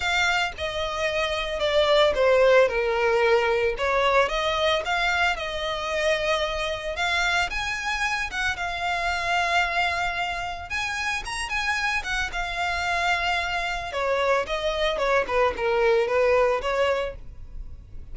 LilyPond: \new Staff \with { instrumentName = "violin" } { \time 4/4 \tempo 4 = 112 f''4 dis''2 d''4 | c''4 ais'2 cis''4 | dis''4 f''4 dis''2~ | dis''4 f''4 gis''4. fis''8 |
f''1 | gis''4 ais''8 gis''4 fis''8 f''4~ | f''2 cis''4 dis''4 | cis''8 b'8 ais'4 b'4 cis''4 | }